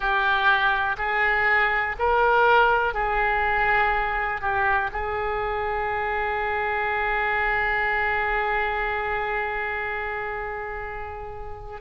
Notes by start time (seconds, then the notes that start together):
0.00 G4
0.97 G#4
1.99 A#4
2.94 G#4
4.41 G4
4.92 G#4